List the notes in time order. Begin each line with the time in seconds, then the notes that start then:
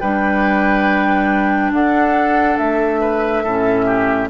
0.00 G3 D4 B4 G5
1.72 D4 A4 F#5
2.57 A3 E5
3.01 B4
3.44 A2 C#4 A4
3.86 G4